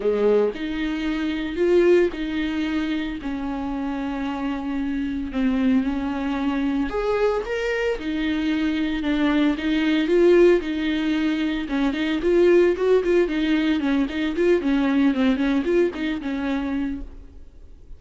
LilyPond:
\new Staff \with { instrumentName = "viola" } { \time 4/4 \tempo 4 = 113 gis4 dis'2 f'4 | dis'2 cis'2~ | cis'2 c'4 cis'4~ | cis'4 gis'4 ais'4 dis'4~ |
dis'4 d'4 dis'4 f'4 | dis'2 cis'8 dis'8 f'4 | fis'8 f'8 dis'4 cis'8 dis'8 f'8 cis'8~ | cis'8 c'8 cis'8 f'8 dis'8 cis'4. | }